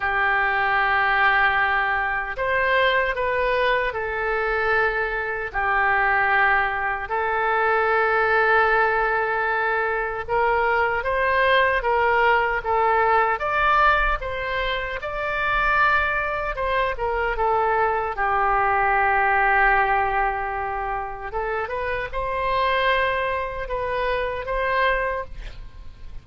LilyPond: \new Staff \with { instrumentName = "oboe" } { \time 4/4 \tempo 4 = 76 g'2. c''4 | b'4 a'2 g'4~ | g'4 a'2.~ | a'4 ais'4 c''4 ais'4 |
a'4 d''4 c''4 d''4~ | d''4 c''8 ais'8 a'4 g'4~ | g'2. a'8 b'8 | c''2 b'4 c''4 | }